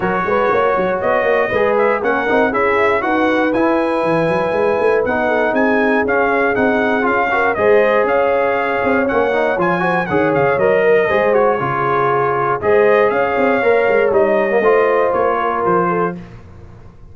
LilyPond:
<<
  \new Staff \with { instrumentName = "trumpet" } { \time 4/4 \tempo 4 = 119 cis''2 dis''4. e''8 | fis''4 e''4 fis''4 gis''4~ | gis''2 fis''4 gis''4 | f''4 fis''4 f''4 dis''4 |
f''2 fis''4 gis''4 | fis''8 f''8 dis''4. cis''4.~ | cis''4 dis''4 f''2 | dis''2 cis''4 c''4 | }
  \new Staff \with { instrumentName = "horn" } { \time 4/4 ais'8 b'8 cis''2 b'4 | ais'4 gis'4 b'2~ | b'2~ b'8 a'8 gis'4~ | gis'2~ gis'8 ais'8 c''4 |
cis''2.~ cis''8 c''8 | cis''4. ais'8 c''4 gis'4~ | gis'4 c''4 cis''2~ | cis''4 c''4. ais'4 a'8 | }
  \new Staff \with { instrumentName = "trombone" } { \time 4/4 fis'2. gis'4 | cis'8 dis'8 e'4 fis'4 e'4~ | e'2 dis'2 | cis'4 dis'4 f'8 fis'8 gis'4~ |
gis'2 cis'8 dis'8 f'8 fis'8 | gis'4 ais'4 gis'8 fis'8 f'4~ | f'4 gis'2 ais'4 | dis'8. ais16 f'2. | }
  \new Staff \with { instrumentName = "tuba" } { \time 4/4 fis8 gis8 ais8 fis8 b8 ais8 gis4 | ais8 c'8 cis'4 dis'4 e'4 | e8 fis8 gis8 a8 b4 c'4 | cis'4 c'4 cis'4 gis4 |
cis'4. c'8 ais4 f4 | dis8 cis8 fis4 gis4 cis4~ | cis4 gis4 cis'8 c'8 ais8 gis8 | g4 a4 ais4 f4 | }
>>